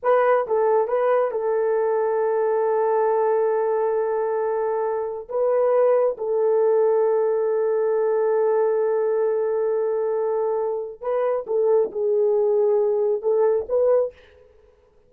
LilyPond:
\new Staff \with { instrumentName = "horn" } { \time 4/4 \tempo 4 = 136 b'4 a'4 b'4 a'4~ | a'1~ | a'1 | b'2 a'2~ |
a'1~ | a'1~ | a'4 b'4 a'4 gis'4~ | gis'2 a'4 b'4 | }